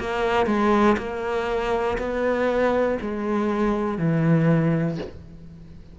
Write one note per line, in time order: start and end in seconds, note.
0.00 0.47 A#3
0.47 0.97 G#3
0.98 1.98 A#3
1.99 2.99 B3
3.01 3.99 G#3
3.99 4.99 E3